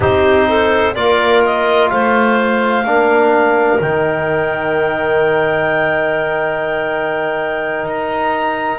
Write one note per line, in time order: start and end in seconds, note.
0.00 0.95 C4
0.00 0.94 D#4
0.00 0.47 G4
0.00 0.94 C5
0.48 0.95 A4
0.94 1.90 A#3
0.94 2.85 F4
0.94 1.91 A#4
0.94 1.42 D5
1.45 1.88 D#5
1.88 2.84 A3
1.88 2.86 C5
1.88 3.79 F5
2.84 3.79 A#3
2.84 3.80 D4
2.84 8.78 A#4
3.80 7.85 D#3
3.80 8.78 D#4
3.80 7.86 G5
7.85 8.78 D#4
7.85 8.78 A#5